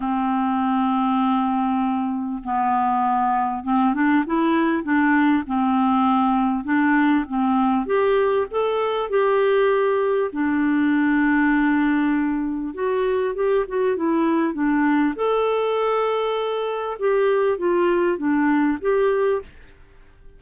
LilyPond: \new Staff \with { instrumentName = "clarinet" } { \time 4/4 \tempo 4 = 99 c'1 | b2 c'8 d'8 e'4 | d'4 c'2 d'4 | c'4 g'4 a'4 g'4~ |
g'4 d'2.~ | d'4 fis'4 g'8 fis'8 e'4 | d'4 a'2. | g'4 f'4 d'4 g'4 | }